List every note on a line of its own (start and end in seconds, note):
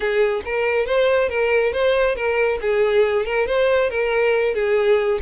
0.00 0.42 G#4
0.45 0.86 A#4
0.86 1.29 C5
1.29 1.72 A#4
1.73 2.15 C5
2.15 2.58 A#4
2.61 3.25 G#4
3.25 3.46 A#4
3.46 3.90 C5
3.90 4.54 A#4
4.54 5.19 G#4